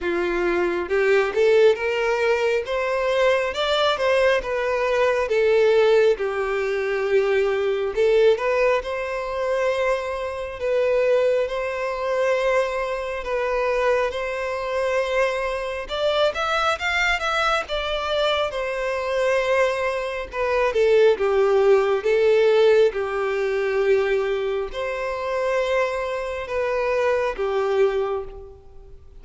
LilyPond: \new Staff \with { instrumentName = "violin" } { \time 4/4 \tempo 4 = 68 f'4 g'8 a'8 ais'4 c''4 | d''8 c''8 b'4 a'4 g'4~ | g'4 a'8 b'8 c''2 | b'4 c''2 b'4 |
c''2 d''8 e''8 f''8 e''8 | d''4 c''2 b'8 a'8 | g'4 a'4 g'2 | c''2 b'4 g'4 | }